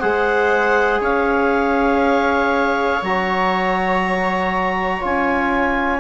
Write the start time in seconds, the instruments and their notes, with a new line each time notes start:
0.00 bassoon G#3, trombone G#4, viola C5, clarinet F#5
1.01 bassoon C#4, viola C#5, clarinet F5
3.02 bassoon F#3, trombone F#4, clarinet A#5
5.01 bassoon C#4, trombone F4, clarinet G#5